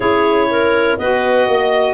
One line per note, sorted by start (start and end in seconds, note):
0.00 0.96 C#4
0.00 0.98 E4
0.00 0.48 G#4
0.00 0.98 C#5
0.50 0.98 A#4
0.98 1.47 B3
0.98 1.94 F#4
0.98 1.48 B4
0.98 1.94 D#5
1.47 1.94 A#3
1.47 1.94 D#5